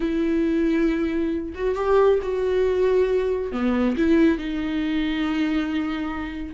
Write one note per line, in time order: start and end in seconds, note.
0.00 1.53 E4
1.54 1.75 F#4
1.75 2.19 G4
2.22 3.52 F#4
3.52 3.95 B3
3.97 4.38 E4
4.38 6.54 D#4